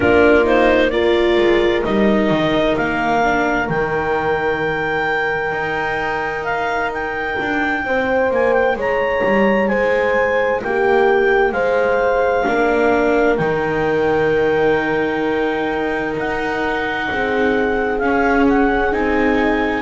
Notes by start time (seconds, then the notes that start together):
0.00 A#3 D4 F4 A#4
0.43 D#4 C5
0.90 F4 A#4 D5
1.37 G#3
1.84 G3 D#4 D#5
2.30 D#3
2.76 A#3 F5
3.23 D4
3.68 D#3 D#4 G5
5.51 D#4
6.44 F5
6.93 G5
7.40 D4
7.84 C4 C5
8.30 A#3 G#5
8.52 G5
8.75 G#3 C#5 A#5
9.23 G3
9.67 G#3 C5 G#5
10.63 A#3 G4 G5
11.52 G#3 C5 F5
12.45 A#3 D4 A#4
13.36 D#3 D#4 G5
16.16 D#4 F#5
17.10 C4 G#4
17.98 C#4 F5
18.48 F#5
18.92 C4 D#4 G#5